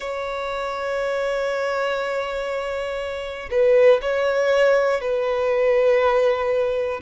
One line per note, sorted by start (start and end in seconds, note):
0.00 3.50 C#5
3.50 4.00 B4
4.01 5.00 C#5
5.00 7.00 B4